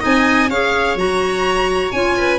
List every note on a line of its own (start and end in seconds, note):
0.00 0.49 C4
0.00 0.48 D#4
0.00 0.48 D#5
0.00 0.50 G#5
0.49 0.95 C#4
0.49 0.98 G#4
0.49 2.17 C#5
0.49 0.98 F5
0.95 1.91 F#3
0.95 1.93 F#4
0.95 1.92 A#5
1.92 2.39 C#4
1.92 2.39 F4
1.92 2.39 G#5
2.18 2.39 B4